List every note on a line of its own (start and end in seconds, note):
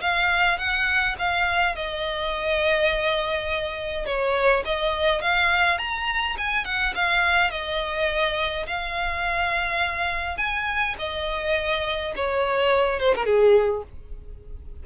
0.00 0.58 F5
0.58 1.15 F#5
1.18 1.75 F5
1.75 4.05 D#5
4.05 4.63 C#5
4.65 5.21 D#5
5.21 5.78 F5
5.78 6.36 A#5
6.37 6.65 G#5
6.65 6.93 F#5
6.94 7.50 F5
7.50 8.66 D#5
8.66 10.37 F5
10.37 10.95 G#5
10.98 12.13 D#5
12.15 12.99 C#5
12.99 13.14 C5
13.15 13.25 A#4
13.25 13.83 G#4